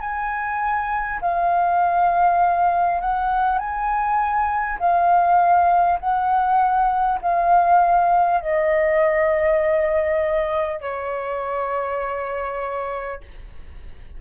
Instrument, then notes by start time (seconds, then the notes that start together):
flute
0.00 G#5
1.21 F5
3.00 F#5
3.58 G#5
4.79 F5
5.99 F#5
7.21 F5
8.41 D#5
10.80 C#5